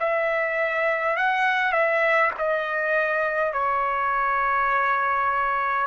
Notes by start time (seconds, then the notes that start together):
0.00 E5
1.17 F#5
1.72 E5
2.38 D#5
3.53 C#5